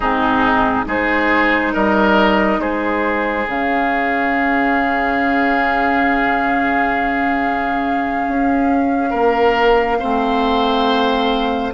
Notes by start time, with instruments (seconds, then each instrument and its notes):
0.00 bassoon G#2, clarinet C4, oboe D#4, flute G#4
0.85 bassoon G#3, clarinet D#4, oboe G#4, flute C5
1.73 bassoon G3, oboe A#4, flute D#5
2.58 bassoon G#3, oboe G#4, flute C5
3.47 bassoon C#3, clarinet C#4, flute F5
8.28 bassoon C#4
9.10 bassoon A#3, oboe A#4
9.99 bassoon A3, clarinet C4, oboe C5